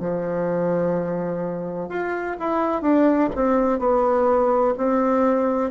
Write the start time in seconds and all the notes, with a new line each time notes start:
0.00 F3
1.89 F4
2.39 E4
2.82 D4
3.35 C4
3.79 B3
4.77 C4